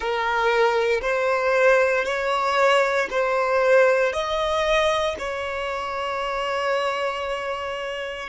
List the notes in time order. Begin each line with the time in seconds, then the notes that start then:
0.00 A#4
1.01 C5
2.05 C#5
3.10 C5
4.12 D#5
5.18 C#5